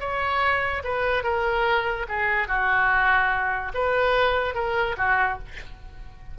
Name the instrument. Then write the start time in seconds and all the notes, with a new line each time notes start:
oboe
0.00 C#5
0.84 B4
1.24 A#4
2.09 G#4
2.48 F#4
3.74 B4
4.55 A#4
4.98 F#4